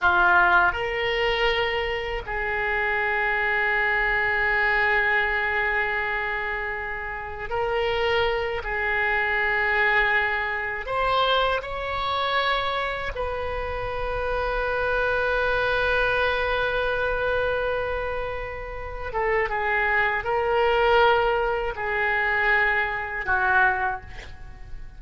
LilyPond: \new Staff \with { instrumentName = "oboe" } { \time 4/4 \tempo 4 = 80 f'4 ais'2 gis'4~ | gis'1~ | gis'2 ais'4. gis'8~ | gis'2~ gis'8 c''4 cis''8~ |
cis''4. b'2~ b'8~ | b'1~ | b'4. a'8 gis'4 ais'4~ | ais'4 gis'2 fis'4 | }